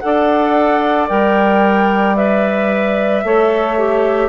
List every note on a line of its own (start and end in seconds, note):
0.00 1.10 D4
0.00 1.08 A4
0.00 3.24 D5
0.00 1.07 F#5
1.08 3.24 G3
1.08 2.16 A#4
1.08 2.16 G5
2.16 3.23 B4
2.16 4.29 E5
3.24 4.29 A3
3.24 3.78 A4
3.24 4.29 C#5
3.78 4.29 G4